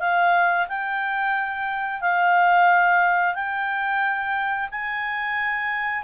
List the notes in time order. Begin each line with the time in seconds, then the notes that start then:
0.00 F5
0.68 G5
2.01 F5
3.35 G5
4.71 G#5